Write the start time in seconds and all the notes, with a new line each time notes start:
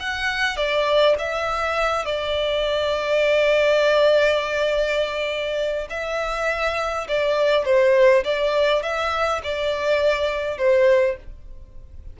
0.00 F#5
0.57 D5
1.19 E5
2.06 D5
5.90 E5
7.08 D5
7.65 C5
8.24 D5
8.83 E5
9.43 D5
10.58 C5